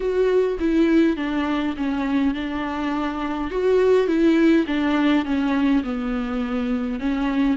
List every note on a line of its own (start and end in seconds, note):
0.00 0.57 F#4
0.59 1.16 E4
1.16 1.74 D4
1.77 2.34 C#4
2.34 3.50 D4
3.51 4.07 F#4
4.07 4.65 E4
4.67 5.25 D4
5.25 5.83 C#4
5.83 6.99 B3
6.99 7.57 C#4